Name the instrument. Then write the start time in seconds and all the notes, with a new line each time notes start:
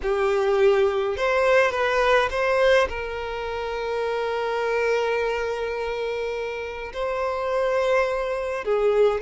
violin
0.02 G4
1.16 C5
1.71 B4
2.30 C5
2.88 A#4
6.93 C5
8.64 G#4